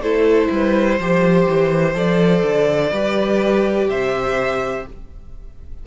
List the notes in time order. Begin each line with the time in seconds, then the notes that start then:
0.00 A3 E4 A4 C5
0.51 G3 B4
0.99 F3 G4 C5
1.49 E3
1.95 F3 A4 D5
2.43 D3
2.92 G3 G4 B4
3.89 C3 C5 E5